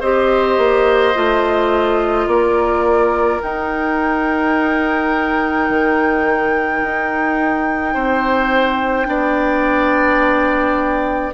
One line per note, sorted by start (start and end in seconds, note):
0.00 0.58 C4
0.00 1.15 G4
0.00 2.26 C5
0.00 2.28 D#5
0.58 1.14 A#3
1.15 2.27 A3
1.15 3.41 F4
2.27 3.40 A#3
2.27 7.94 A#4
2.27 3.41 D5
3.42 9.05 D#4
3.42 5.69 D#4
3.42 11.33 G5
5.69 6.83 D#3
6.83 7.95 D#4
7.94 9.07 C4
7.94 9.07 C5
9.05 11.33 B3
9.05 11.31 D4
9.05 11.33 D5